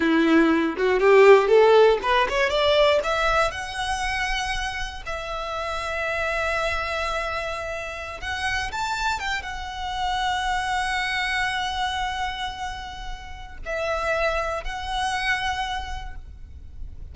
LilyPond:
\new Staff \with { instrumentName = "violin" } { \time 4/4 \tempo 4 = 119 e'4. fis'8 g'4 a'4 | b'8 cis''8 d''4 e''4 fis''4~ | fis''2 e''2~ | e''1~ |
e''16 fis''4 a''4 g''8 fis''4~ fis''16~ | fis''1~ | fis''2. e''4~ | e''4 fis''2. | }